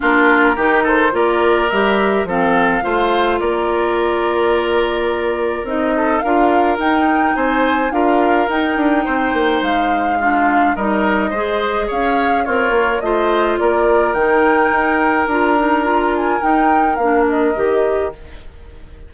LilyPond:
<<
  \new Staff \with { instrumentName = "flute" } { \time 4/4 \tempo 4 = 106 ais'4. c''8 d''4 e''4 | f''2 d''2~ | d''2 dis''4 f''4 | g''4 gis''4 f''4 g''4~ |
g''4 f''2 dis''4~ | dis''4 f''4 cis''4 dis''4 | d''4 g''2 ais''4~ | ais''8 gis''8 g''4 f''8 dis''4. | }
  \new Staff \with { instrumentName = "oboe" } { \time 4/4 f'4 g'8 a'8 ais'2 | a'4 c''4 ais'2~ | ais'2~ ais'8 a'8 ais'4~ | ais'4 c''4 ais'2 |
c''2 f'4 ais'4 | c''4 cis''4 f'4 c''4 | ais'1~ | ais'1 | }
  \new Staff \with { instrumentName = "clarinet" } { \time 4/4 d'4 dis'4 f'4 g'4 | c'4 f'2.~ | f'2 dis'4 f'4 | dis'2 f'4 dis'4~ |
dis'2 d'4 dis'4 | gis'2 ais'4 f'4~ | f'4 dis'2 f'8 dis'8 | f'4 dis'4 d'4 g'4 | }
  \new Staff \with { instrumentName = "bassoon" } { \time 4/4 ais4 dis4 ais4 g4 | f4 a4 ais2~ | ais2 c'4 d'4 | dis'4 c'4 d'4 dis'8 d'8 |
c'8 ais8 gis2 g4 | gis4 cis'4 c'8 ais8 a4 | ais4 dis4 dis'4 d'4~ | d'4 dis'4 ais4 dis4 | }
>>